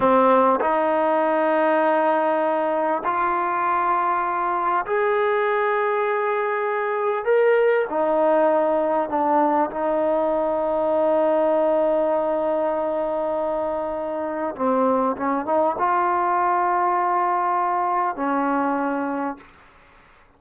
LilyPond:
\new Staff \with { instrumentName = "trombone" } { \time 4/4 \tempo 4 = 99 c'4 dis'2.~ | dis'4 f'2. | gis'1 | ais'4 dis'2 d'4 |
dis'1~ | dis'1 | c'4 cis'8 dis'8 f'2~ | f'2 cis'2 | }